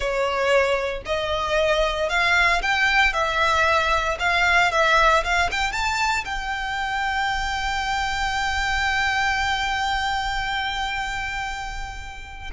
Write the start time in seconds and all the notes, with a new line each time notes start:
0.00 C#5
1.05 D#5
2.09 F5
2.62 G5
3.13 E5
4.19 F5
4.71 E5
5.23 F5
5.51 G5
5.72 A5
6.24 G5